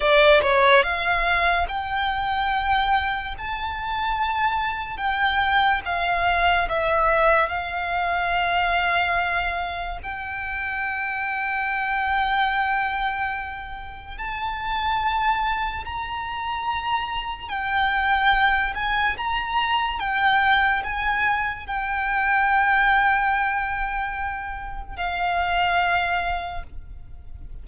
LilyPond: \new Staff \with { instrumentName = "violin" } { \time 4/4 \tempo 4 = 72 d''8 cis''8 f''4 g''2 | a''2 g''4 f''4 | e''4 f''2. | g''1~ |
g''4 a''2 ais''4~ | ais''4 g''4. gis''8 ais''4 | g''4 gis''4 g''2~ | g''2 f''2 | }